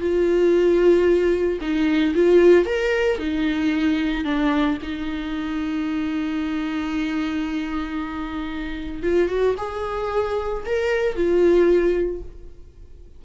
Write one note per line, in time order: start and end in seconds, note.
0.00 1.59 F4
1.61 2.14 D#4
2.15 2.66 F4
2.66 3.18 A#4
3.18 4.24 D#4
4.24 4.77 D4
4.82 9.02 D#4
9.02 9.28 F4
9.28 9.55 F#4
9.58 10.64 G#4
10.65 11.16 A#4
11.16 12.22 F4